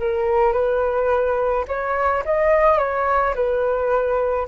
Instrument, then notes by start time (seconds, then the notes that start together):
flute
0.00 A#4
0.53 B4
1.68 C#5
2.25 D#5
2.78 C#5
3.35 B4